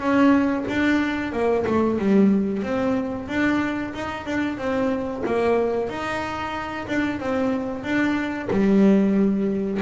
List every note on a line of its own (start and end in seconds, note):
0.00 0.65 C#4
0.68 1.33 D4
1.33 1.65 A#3
1.67 1.99 A3
1.99 2.63 G3
2.63 3.28 C4
3.28 3.93 D4
3.94 4.26 D#4
4.26 4.58 D4
4.58 5.23 C4
5.26 5.90 A#3
5.90 6.87 D#4
6.88 7.20 D4
7.20 7.84 C4
7.84 8.49 D4
8.51 9.81 G3